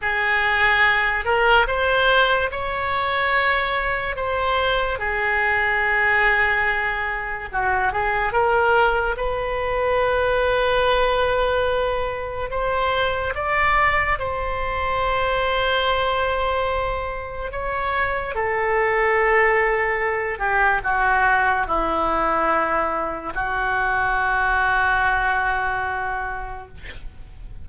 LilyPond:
\new Staff \with { instrumentName = "oboe" } { \time 4/4 \tempo 4 = 72 gis'4. ais'8 c''4 cis''4~ | cis''4 c''4 gis'2~ | gis'4 fis'8 gis'8 ais'4 b'4~ | b'2. c''4 |
d''4 c''2.~ | c''4 cis''4 a'2~ | a'8 g'8 fis'4 e'2 | fis'1 | }